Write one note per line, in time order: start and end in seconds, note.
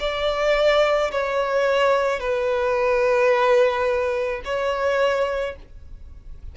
0.00 1.11 D5
1.12 2.20 C#5
2.20 4.42 B4
4.44 5.56 C#5